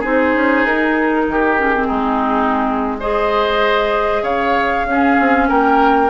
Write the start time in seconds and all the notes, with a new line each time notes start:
0.00 C4 D#4 G#4 C5
0.35 C#4
0.64 D#4 A#4
1.28 D#3 G4
1.58 C#4 G#4
1.74 C4
1.87 G#3 D#4
2.99 G#4 C5 D#5
4.22 C#3 C#5 F5
4.85 C#4 G#4
5.19 C4
5.48 A#3 A#4 G5